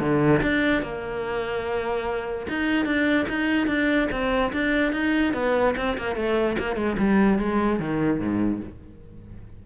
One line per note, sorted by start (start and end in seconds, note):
0.00 0.41 D3
0.43 0.82 D4
0.82 2.47 A#3
2.49 2.86 D#4
2.86 3.27 D4
3.29 3.67 D#4
3.67 4.08 D4
4.12 4.53 C4
4.53 4.93 D4
4.93 5.34 D#4
5.34 5.75 B3
5.77 5.97 C4
5.98 6.16 A#3
6.16 6.57 A3
6.59 6.76 A#3
6.76 6.97 G#3
6.98 7.39 G3
7.39 7.80 G#3
7.80 8.19 D#3
8.19 8.61 G#2